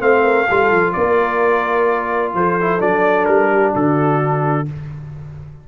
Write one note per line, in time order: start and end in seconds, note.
0.00 0.47 A3
0.00 0.47 C4
0.00 0.23 C5
0.00 0.93 F5
0.23 0.47 A#4
0.48 0.72 G3
0.48 2.60 F4
0.48 0.93 A4
0.72 0.95 F3
0.93 2.34 A#3
0.93 2.33 A#4
0.93 2.32 D5
2.34 2.80 F3
2.34 3.52 A4
2.34 2.81 C5
2.61 2.79 E4
2.79 3.27 F#3
2.79 4.65 D4
2.79 3.25 D5
3.25 3.74 G3
3.25 3.72 A#4
3.52 3.73 G4
3.73 4.68 D3
3.73 4.66 F#4
3.73 4.68 A4